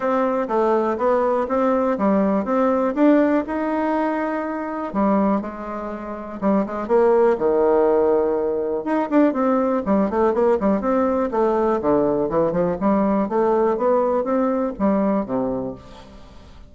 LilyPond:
\new Staff \with { instrumentName = "bassoon" } { \time 4/4 \tempo 4 = 122 c'4 a4 b4 c'4 | g4 c'4 d'4 dis'4~ | dis'2 g4 gis4~ | gis4 g8 gis8 ais4 dis4~ |
dis2 dis'8 d'8 c'4 | g8 a8 ais8 g8 c'4 a4 | d4 e8 f8 g4 a4 | b4 c'4 g4 c4 | }